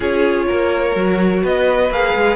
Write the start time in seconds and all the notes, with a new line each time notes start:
0.00 C#4 F4 G#4 C#5
0.47 A#3 A#4
0.95 F#3 F#4
1.42 B3 B4 D#5
1.90 A#3 G#4 F5
2.14 G#3